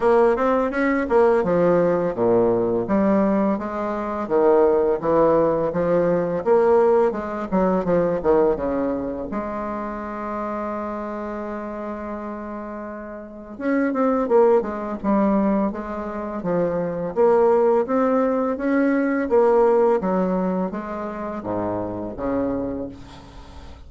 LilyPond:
\new Staff \with { instrumentName = "bassoon" } { \time 4/4 \tempo 4 = 84 ais8 c'8 cis'8 ais8 f4 ais,4 | g4 gis4 dis4 e4 | f4 ais4 gis8 fis8 f8 dis8 | cis4 gis2.~ |
gis2. cis'8 c'8 | ais8 gis8 g4 gis4 f4 | ais4 c'4 cis'4 ais4 | fis4 gis4 gis,4 cis4 | }